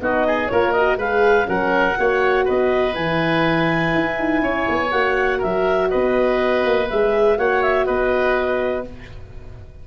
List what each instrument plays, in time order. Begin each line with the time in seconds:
0.00 tuba B3, horn D#4, oboe F#4, clarinet D#5
0.27 oboe G#4
0.48 tuba A#3, horn F4, oboe A#4, clarinet C#5
0.72 horn F#4, clarinet D#5
0.97 tuba G#3, horn G#4, oboe B4, clarinet F5
1.45 tuba F#3, horn C#4, oboe A#4, clarinet F#5
1.97 tuba A#3, horn F#4, oboe C#5
2.45 tuba B3, oboe B4, clarinet D#5
2.93 tuba E3, horn E4, clarinet G#5
3.94 tuba E4
4.19 tuba D#4
4.42 tuba C#4, oboe C#5
4.69 tuba B3
4.91 tuba A#3, horn F#4, clarinet F#5
5.39 tuba F#3, oboe A#4, clarinet E5
5.90 tuba B3, oboe B4, clarinet D#5
6.65 tuba A#3
6.89 tuba G#3, horn G#4, clarinet E5
7.37 tuba A#3, horn F#4, oboe C#5, clarinet F#5
7.62 clarinet E5
7.86 tuba B3, oboe B4, clarinet D#5